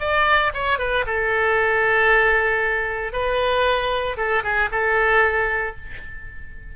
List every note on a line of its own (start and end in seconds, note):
0.00 0.52 D5
0.54 0.79 C#5
0.79 1.05 B4
1.06 3.12 A4
3.12 4.17 B4
4.17 4.43 A4
4.43 4.69 G#4
4.71 5.76 A4